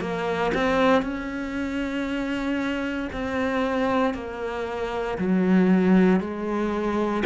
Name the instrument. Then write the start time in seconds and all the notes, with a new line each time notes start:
cello
0.00 A#3
0.54 C4
1.02 C#4
3.12 C4
4.14 A#3
5.18 F#3
6.20 G#3